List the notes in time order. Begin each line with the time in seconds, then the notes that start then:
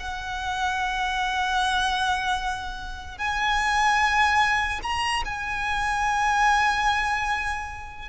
0.00 F#5
3.18 G#5
4.83 A#5
5.26 G#5